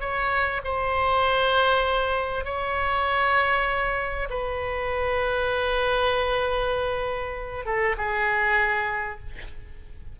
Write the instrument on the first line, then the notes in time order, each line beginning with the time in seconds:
oboe
0.00 C#5
0.64 C5
2.45 C#5
4.30 B4
7.65 A4
7.97 G#4